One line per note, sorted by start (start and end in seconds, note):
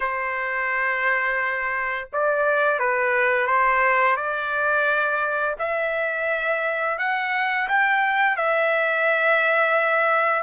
0.00 2.08 C5
2.12 2.79 D5
2.79 3.47 B4
3.47 4.16 C5
4.16 5.55 D5
5.58 6.98 E5
6.98 7.67 F#5
7.68 8.37 G5
8.37 10.42 E5